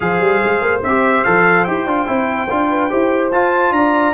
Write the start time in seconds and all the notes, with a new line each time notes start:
0.00 F3 G#4 C5 F5
0.20 G3
0.44 G#3
0.61 A#3
0.83 C4 G4 E5
1.24 F3 A4 F5
1.64 E4 G4 G5
1.86 D4 F4
2.06 C4 E4
2.49 D4 F4
2.69 B4
2.90 E4 G4 C5
3.31 F4 A5
3.71 D4 D5 A#5